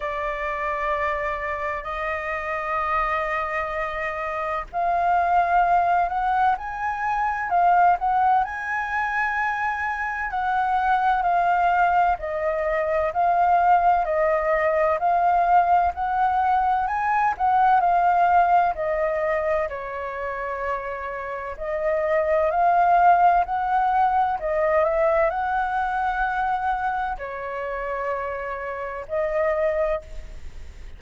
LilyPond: \new Staff \with { instrumentName = "flute" } { \time 4/4 \tempo 4 = 64 d''2 dis''2~ | dis''4 f''4. fis''8 gis''4 | f''8 fis''8 gis''2 fis''4 | f''4 dis''4 f''4 dis''4 |
f''4 fis''4 gis''8 fis''8 f''4 | dis''4 cis''2 dis''4 | f''4 fis''4 dis''8 e''8 fis''4~ | fis''4 cis''2 dis''4 | }